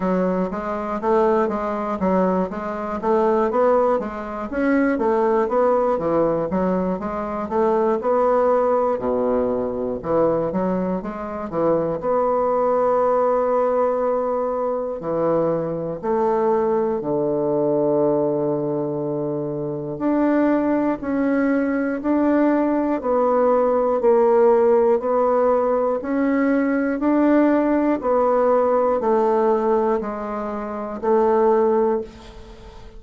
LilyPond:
\new Staff \with { instrumentName = "bassoon" } { \time 4/4 \tempo 4 = 60 fis8 gis8 a8 gis8 fis8 gis8 a8 b8 | gis8 cis'8 a8 b8 e8 fis8 gis8 a8 | b4 b,4 e8 fis8 gis8 e8 | b2. e4 |
a4 d2. | d'4 cis'4 d'4 b4 | ais4 b4 cis'4 d'4 | b4 a4 gis4 a4 | }